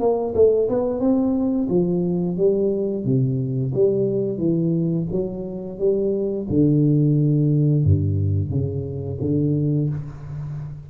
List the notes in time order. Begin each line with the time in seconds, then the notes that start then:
0.00 A#3
0.35 A3
0.69 B3
1.00 C4
1.69 F3
2.37 G3
3.05 C3
3.74 G3
4.38 E3
5.12 F#3
5.79 G3
6.50 D3
7.84 G2
8.50 C#3
9.21 D3